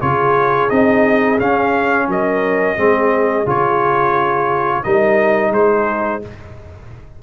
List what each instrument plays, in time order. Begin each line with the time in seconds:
0.00 tuba C#3, trombone F4, horn G#4, trumpet C#5
0.69 tuba C4, trombone D#4, trumpet D#5
1.39 trombone C#4, tuba C#4, trumpet F5
2.08 tuba F#3, horn A#4, trumpet D#5
2.77 tuba G#3, trombone C4, horn G#4
3.46 tuba C#3, trombone F4, trumpet C#5
4.84 tuba G3, trombone D#4, horn A#4, trumpet D#5
5.51 tuba G#3, horn G#4, trumpet C5